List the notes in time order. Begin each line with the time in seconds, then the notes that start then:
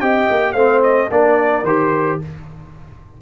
0.00 C4 G4 D#5 G5
0.30 A#3
0.52 A3 C4 C5 F5
0.83 D#5
1.10 A#3 D4 A#4 D5
1.63 D#3 G4 C5